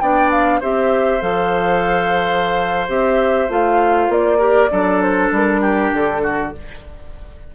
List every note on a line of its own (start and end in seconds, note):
0.00 0.61 B3
0.00 0.62 D4
0.00 0.60 D5
0.00 0.30 G5
0.31 0.61 F5
0.60 1.22 C4
0.60 1.20 G4
0.60 4.39 C5
0.60 1.22 E5
1.20 2.88 F3
1.20 2.87 A4
1.20 2.89 F5
2.88 3.49 C4
2.88 3.49 G4
2.88 3.51 E5
3.49 4.09 A3
3.49 4.39 F4
3.49 4.12 F5
4.09 4.70 A#3
4.09 5.02 D5
4.39 4.69 G4
4.39 4.69 A#4
4.71 5.31 F#3
4.71 6.53 D4
4.71 5.61 A4
5.02 5.33 C5
5.31 5.92 G3
5.31 5.95 A#4
5.61 6.22 G4
5.93 6.54 D3
5.93 6.55 A4
6.23 6.53 F#4